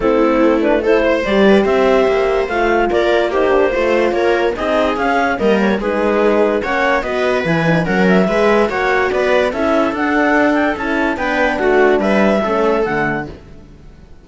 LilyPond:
<<
  \new Staff \with { instrumentName = "clarinet" } { \time 4/4 \tempo 4 = 145 a'4. b'8 c''4 d''4 | e''2 f''4 d''4 | c''2 cis''4 dis''4 | f''4 dis''8 cis''8 b'2 |
fis''4 dis''4 gis''4 fis''8 e''8~ | e''4 fis''4 d''4 e''4 | fis''4. g''8 a''4 g''4 | fis''4 e''2 fis''4 | }
  \new Staff \with { instrumentName = "viola" } { \time 4/4 e'2 a'8 c''4 b'8 | c''2. ais'4 | g'4 c''4 ais'4 gis'4~ | gis'4 ais'4 gis'2 |
cis''4 b'2 ais'4 | b'4 cis''4 b'4 a'4~ | a'2. b'4 | fis'4 b'4 a'2 | }
  \new Staff \with { instrumentName = "horn" } { \time 4/4 c'4. d'8 e'4 g'4~ | g'2 f'2 | dis'8 d'8 f'2 dis'4 | cis'4 ais4 dis'2 |
cis'4 fis'4 e'8 dis'8 cis'4 | gis'4 fis'2 e'4 | d'2 e'4 d'4~ | d'2 cis'4 a4 | }
  \new Staff \with { instrumentName = "cello" } { \time 4/4 a2. g4 | c'4 ais4 a4 ais4~ | ais4 a4 ais4 c'4 | cis'4 g4 gis2 |
ais4 b4 e4 fis4 | gis4 ais4 b4 cis'4 | d'2 cis'4 b4 | a4 g4 a4 d4 | }
>>